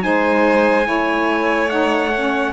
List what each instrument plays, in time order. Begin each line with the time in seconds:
0.00 cello G#3, saxophone D#4, violin C5, trumpet G#5
0.83 cello A3, saxophone E4, violin C#5
1.69 saxophone D#4, trumpet F#5
2.15 saxophone C#4